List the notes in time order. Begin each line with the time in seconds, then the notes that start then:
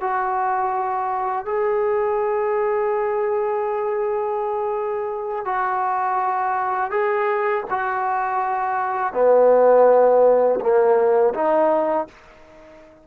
0.00 F#4
1.45 G#4
5.45 F#4
6.90 G#4
7.70 F#4
9.13 B3
10.60 A#3
11.34 D#4